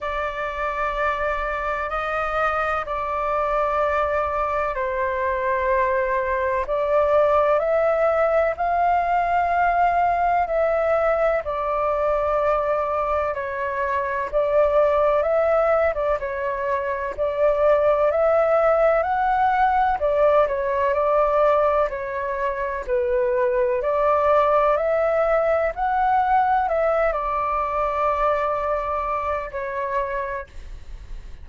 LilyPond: \new Staff \with { instrumentName = "flute" } { \time 4/4 \tempo 4 = 63 d''2 dis''4 d''4~ | d''4 c''2 d''4 | e''4 f''2 e''4 | d''2 cis''4 d''4 |
e''8. d''16 cis''4 d''4 e''4 | fis''4 d''8 cis''8 d''4 cis''4 | b'4 d''4 e''4 fis''4 | e''8 d''2~ d''8 cis''4 | }